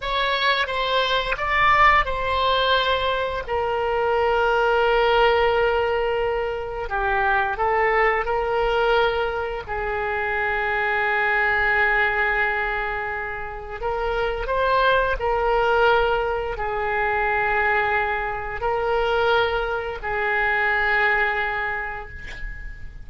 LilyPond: \new Staff \with { instrumentName = "oboe" } { \time 4/4 \tempo 4 = 87 cis''4 c''4 d''4 c''4~ | c''4 ais'2.~ | ais'2 g'4 a'4 | ais'2 gis'2~ |
gis'1 | ais'4 c''4 ais'2 | gis'2. ais'4~ | ais'4 gis'2. | }